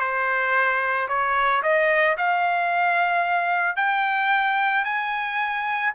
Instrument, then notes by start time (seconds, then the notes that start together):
trumpet
0.00 C5
1.08 C#5
1.63 D#5
2.17 F5
3.76 G5
4.85 G#5